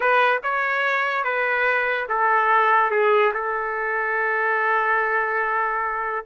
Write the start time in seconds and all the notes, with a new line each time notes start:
0.00 B4
0.43 C#5
1.24 B4
2.09 A4
2.90 G#4
3.33 A4